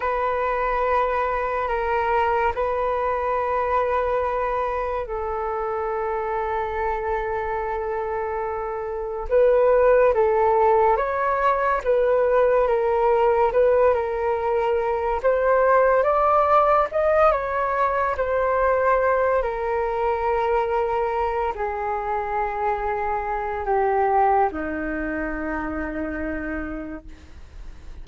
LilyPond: \new Staff \with { instrumentName = "flute" } { \time 4/4 \tempo 4 = 71 b'2 ais'4 b'4~ | b'2 a'2~ | a'2. b'4 | a'4 cis''4 b'4 ais'4 |
b'8 ais'4. c''4 d''4 | dis''8 cis''4 c''4. ais'4~ | ais'4. gis'2~ gis'8 | g'4 dis'2. | }